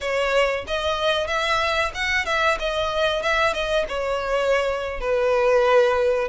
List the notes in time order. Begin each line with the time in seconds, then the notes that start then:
0.00 C#5
0.67 D#5
1.27 E5
1.94 F#5
2.25 E5
2.59 D#5
3.22 E5
3.53 D#5
3.88 C#5
5.00 B4